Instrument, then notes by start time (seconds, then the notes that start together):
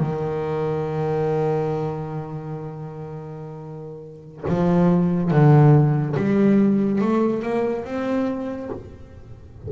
double bass
0.00 D#3
4.48 F3
5.31 D3
6.17 G3
7.02 A3
7.43 A#3
7.85 C4